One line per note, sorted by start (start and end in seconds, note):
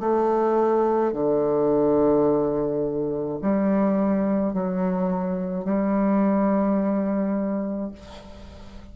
0.00 1.12 A3
1.12 3.39 D3
3.42 4.53 G3
4.53 5.64 F#3
5.64 7.91 G3